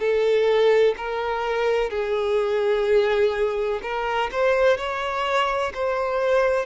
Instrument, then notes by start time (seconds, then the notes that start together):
violin
0.00 A4
0.97 A#4
1.90 G#4
3.82 A#4
4.32 C5
4.77 C#5
5.74 C5